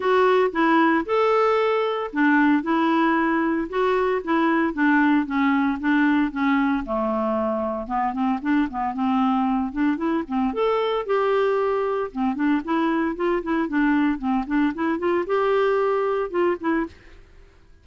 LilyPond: \new Staff \with { instrumentName = "clarinet" } { \time 4/4 \tempo 4 = 114 fis'4 e'4 a'2 | d'4 e'2 fis'4 | e'4 d'4 cis'4 d'4 | cis'4 a2 b8 c'8 |
d'8 b8 c'4. d'8 e'8 c'8 | a'4 g'2 c'8 d'8 | e'4 f'8 e'8 d'4 c'8 d'8 | e'8 f'8 g'2 f'8 e'8 | }